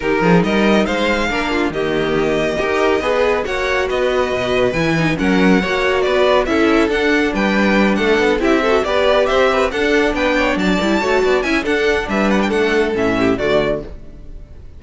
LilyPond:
<<
  \new Staff \with { instrumentName = "violin" } { \time 4/4 \tempo 4 = 139 ais'4 dis''4 f''2 | dis''1 | fis''4 dis''2 gis''4 | fis''2 d''4 e''4 |
fis''4 g''4. fis''4 e''8~ | e''8 d''4 e''4 fis''4 g''8~ | g''8 a''2 gis''8 fis''4 | e''8 fis''16 g''16 fis''4 e''4 d''4 | }
  \new Staff \with { instrumentName = "violin" } { \time 4/4 g'8 gis'8 ais'4 c''4 ais'8 f'8 | g'2 ais'4 b'4 | cis''4 b'2. | ais'4 cis''4 b'4 a'4~ |
a'4 b'4. a'4 g'8 | a'8 b'4 c''8 b'8 a'4 b'8 | cis''8 d''4 cis''8 d''8 e''8 a'4 | b'4 a'4. g'8 fis'4 | }
  \new Staff \with { instrumentName = "viola" } { \time 4/4 dis'2. d'4 | ais2 g'4 gis'4 | fis'2. e'8 dis'8 | cis'4 fis'2 e'4 |
d'2.~ d'8 e'8 | fis'8 g'2 d'4.~ | d'4 e'8 fis'4 e'8 d'4~ | d'2 cis'4 a4 | }
  \new Staff \with { instrumentName = "cello" } { \time 4/4 dis8 f8 g4 gis4 ais4 | dis2 dis'4 b4 | ais4 b4 b,4 e4 | fis4 ais4 b4 cis'4 |
d'4 g4. a8 b8 c'8~ | c'8 b4 c'4 d'4 b8~ | b8 fis8 g8 a8 b8 cis'8 d'4 | g4 a4 a,4 d4 | }
>>